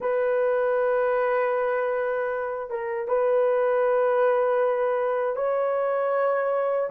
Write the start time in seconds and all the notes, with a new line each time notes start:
0.00 B4
2.70 A#4
3.08 B4
5.36 C#5